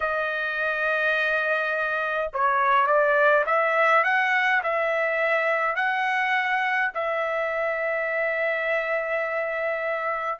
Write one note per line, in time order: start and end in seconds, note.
0.00 2.31 D#5
2.33 2.86 C#5
2.86 3.44 D5
3.46 4.04 E5
4.04 4.62 F#5
4.63 5.75 E5
5.75 6.91 F#5
6.94 10.39 E5